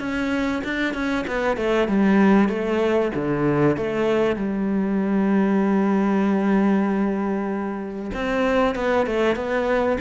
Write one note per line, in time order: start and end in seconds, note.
0.00 0.62 C#4
0.64 0.94 D4
0.94 1.26 C#4
1.28 1.57 B3
1.57 1.88 A3
1.88 2.49 G3
2.49 3.12 A3
3.15 3.77 D3
3.77 4.36 A3
4.36 8.11 G3
8.14 8.76 C4
8.76 9.07 B3
9.07 9.36 A3
9.36 9.98 B3